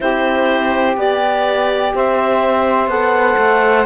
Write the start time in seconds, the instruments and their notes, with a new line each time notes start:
0.00 cello C4, horn E4, saxophone G4, clarinet C5
0.96 cello B3, horn G4, clarinet D5
1.94 cello C4, saxophone C5, clarinet E5
2.86 cello B3, horn A4, clarinet F#5
3.37 cello A3